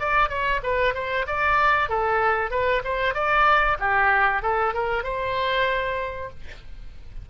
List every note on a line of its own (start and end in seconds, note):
0.00 0.29 D5
0.29 0.61 C#5
0.63 0.95 B4
0.95 1.26 C5
1.27 1.89 D5
1.89 2.51 A4
2.51 2.82 B4
2.84 3.15 C5
3.15 3.78 D5
3.80 4.42 G4
4.42 4.74 A4
4.74 5.04 A#4
5.04 6.30 C5